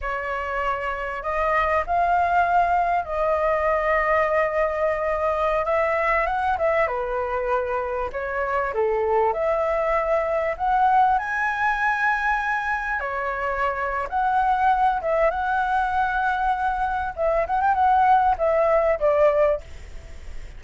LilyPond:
\new Staff \with { instrumentName = "flute" } { \time 4/4 \tempo 4 = 98 cis''2 dis''4 f''4~ | f''4 dis''2.~ | dis''4~ dis''16 e''4 fis''8 e''8 b'8.~ | b'4~ b'16 cis''4 a'4 e''8.~ |
e''4~ e''16 fis''4 gis''4.~ gis''16~ | gis''4~ gis''16 cis''4.~ cis''16 fis''4~ | fis''8 e''8 fis''2. | e''8 fis''16 g''16 fis''4 e''4 d''4 | }